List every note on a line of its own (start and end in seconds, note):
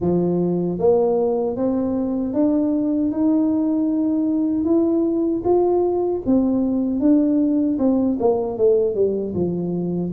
0.00 0.78 F3
0.78 1.56 A#3
1.56 2.33 C4
2.33 3.11 D4
3.11 4.64 D#4
4.64 5.42 E4
5.44 6.22 F4
6.26 7.00 C4
7.00 7.77 D4
7.78 8.17 C4
8.19 8.57 A#3
8.57 8.94 A3
8.94 9.33 G3
9.34 10.12 F3